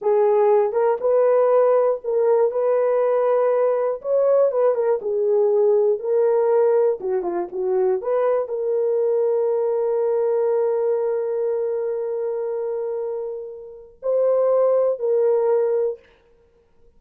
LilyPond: \new Staff \with { instrumentName = "horn" } { \time 4/4 \tempo 4 = 120 gis'4. ais'8 b'2 | ais'4 b'2. | cis''4 b'8 ais'8 gis'2 | ais'2 fis'8 f'8 fis'4 |
b'4 ais'2.~ | ais'1~ | ais'1 | c''2 ais'2 | }